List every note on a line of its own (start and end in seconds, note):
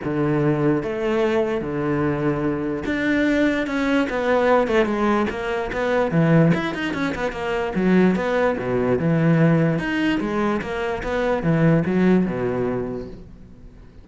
0.03 0.82 D3
0.82 1.61 A3
1.61 2.83 D3
2.85 3.67 D4
3.67 4.07 C#4
4.09 4.67 B3
4.67 4.85 A3
4.85 5.26 G#3
5.29 5.70 A#3
5.72 6.11 B3
6.11 6.51 E3
6.54 6.74 E4
6.74 6.93 D#4
6.93 7.13 C#4
7.14 7.32 B3
7.32 7.73 A#3
7.75 8.15 F#3
8.15 8.56 B3
8.58 8.98 B2
8.98 9.78 E3
9.78 10.19 D#4
10.20 10.61 G#3
10.61 11.02 A#3
11.03 11.42 B3
11.42 11.83 E3
11.85 12.25 F#3
12.25 13.07 B2